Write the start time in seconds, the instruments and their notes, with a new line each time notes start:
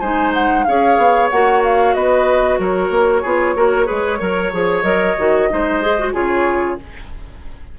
0.00 bassoon G#3, clarinet D#4, oboe C5, flute G#5
0.34 flute F#5
0.64 bassoon C#4, clarinet G#4, oboe C#5, flute F5
0.98 bassoon B3
1.30 bassoon A#3, clarinet F#4, flute F#5
1.64 flute F5
1.95 bassoon B3, oboe B4, flute D#5
2.59 bassoon F#3, oboe A#4, flute C#5
2.90 bassoon A#3
3.22 bassoon B3, clarinet F4, oboe G#4
3.56 bassoon A#3, clarinet F#4, oboe A#4
3.85 bassoon G#3, clarinet G#4, oboe B4
4.20 bassoon F#3, clarinet A#4, oboe C#5
4.53 bassoon F3, clarinet G#4
4.82 bassoon F#3, clarinet A#4, flute D#5
5.19 bassoon D#3, clarinet F#4
5.50 bassoon G#3, clarinet D#4, oboe C5
5.82 clarinet G#4
5.99 clarinet F#4
6.14 bassoon C#3, clarinet F4, oboe G#4, flute C#5